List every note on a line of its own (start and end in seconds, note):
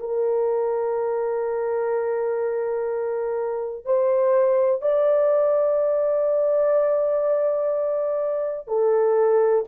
0.00 3.86 A#4
3.86 4.82 C5
4.82 8.68 D5
8.68 9.65 A4